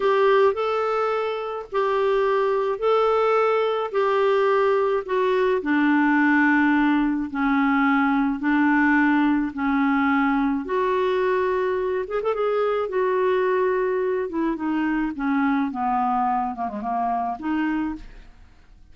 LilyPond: \new Staff \with { instrumentName = "clarinet" } { \time 4/4 \tempo 4 = 107 g'4 a'2 g'4~ | g'4 a'2 g'4~ | g'4 fis'4 d'2~ | d'4 cis'2 d'4~ |
d'4 cis'2 fis'4~ | fis'4. gis'16 a'16 gis'4 fis'4~ | fis'4. e'8 dis'4 cis'4 | b4. ais16 gis16 ais4 dis'4 | }